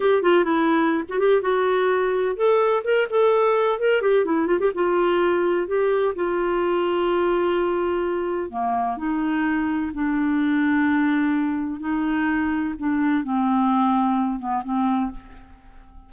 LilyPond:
\new Staff \with { instrumentName = "clarinet" } { \time 4/4 \tempo 4 = 127 g'8 f'8 e'4~ e'16 fis'16 g'8 fis'4~ | fis'4 a'4 ais'8 a'4. | ais'8 g'8 e'8 f'16 g'16 f'2 | g'4 f'2.~ |
f'2 ais4 dis'4~ | dis'4 d'2.~ | d'4 dis'2 d'4 | c'2~ c'8 b8 c'4 | }